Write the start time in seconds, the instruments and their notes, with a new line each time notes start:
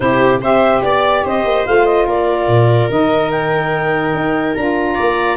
0.00 tuba C3, saxophone E4, viola G4, clarinet C5
0.41 tuba C4, saxophone G4, viola C5, clarinet E5
0.82 tuba B3, clarinet D5, viola D5
1.24 tuba C4, viola C5, clarinet D#5
1.44 tuba A#3
1.66 tuba A3, saxophone F4, clarinet F5
1.85 clarinet D#5
2.06 tuba A#3, viola A#4, clarinet D5
2.47 tuba A#2
2.89 tuba D#3, saxophone D#4, clarinet D#5
3.31 clarinet G5
4.13 tuba D#4
4.54 tuba D4, saxophone F4, clarinet A#5
4.94 tuba A#3, viola D5